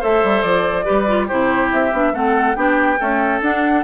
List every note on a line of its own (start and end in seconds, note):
0.00 0.23 A3
0.00 0.84 A4
0.00 0.85 C5
0.00 0.42 E5
0.23 0.43 G3
0.42 0.85 F3
0.42 1.27 D5
0.84 1.31 G3
0.84 1.05 G4
0.84 1.27 B4
1.07 1.29 F4
1.27 1.72 C3
1.27 1.92 E4
1.27 2.12 G4
1.27 1.71 C5
1.72 1.93 C4
1.72 2.15 E5
1.92 2.13 B3
1.92 2.13 D4
2.13 2.56 A3
2.13 2.56 C4
2.13 2.57 A4
2.13 2.56 F#5
2.56 2.99 B3
2.56 2.98 D4
2.56 2.99 G4
2.56 3.41 G5
2.99 3.41 A3
2.99 3.41 C#4
2.99 3.84 A4
3.41 3.84 D4
3.41 3.84 F#5